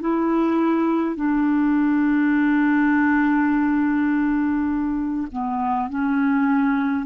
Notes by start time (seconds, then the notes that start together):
0.00 E4
1.15 D4
5.31 B3
5.89 C#4